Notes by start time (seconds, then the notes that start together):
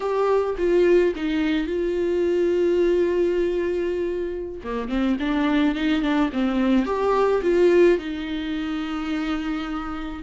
0.00 G4
0.58 F4
1.15 D#4
1.66 F4
4.63 A#3
4.89 C4
5.19 D4
5.75 D#4
6.02 D4
6.33 C4
6.85 G4
7.42 F4
7.98 D#4